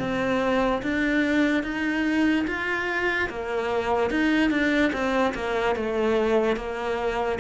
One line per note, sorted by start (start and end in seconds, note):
0.00 0.82 C4
0.83 1.64 D4
1.64 2.46 D#4
2.48 3.30 F4
3.30 4.11 A#3
4.11 4.51 D#4
4.51 4.92 D4
4.93 5.34 C4
5.35 5.76 A#3
5.76 6.57 A3
6.57 7.39 A#3